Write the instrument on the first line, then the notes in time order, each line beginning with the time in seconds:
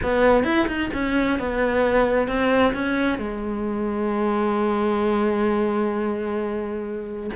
cello
0.02 B3
0.44 E4
0.67 D#4
0.93 C#4
1.39 B3
2.27 C4
2.73 C#4
3.18 G#3